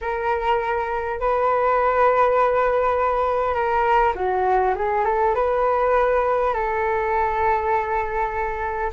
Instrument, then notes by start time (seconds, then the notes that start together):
flute
0.01 A#4
1.19 B4
3.54 A#4
4.14 F#4
4.75 G#4
5.05 A4
5.34 B4
6.53 A4